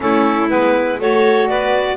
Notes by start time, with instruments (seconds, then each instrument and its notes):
0.00 double bass A3, saxophone C#4, violin E4, clarinet A4
0.49 double bass G#3, saxophone B3, clarinet B4
0.99 double bass A3, saxophone F#4, violin A4, clarinet C#5
1.48 double bass B3, violin B4, clarinet D5